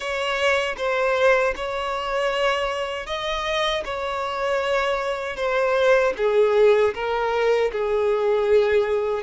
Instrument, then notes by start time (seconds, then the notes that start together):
violin
0.00 C#5
0.77 C5
1.56 C#5
3.06 D#5
3.85 C#5
5.36 C5
6.17 G#4
6.94 A#4
7.72 G#4